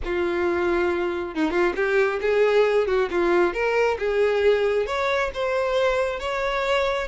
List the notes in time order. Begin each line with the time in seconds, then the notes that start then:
0.04 F4
1.34 D#4
1.50 F4
1.75 G4
2.21 G#4
2.87 F#4
3.10 F4
3.53 A#4
3.98 G#4
4.86 C#5
5.34 C5
6.19 C#5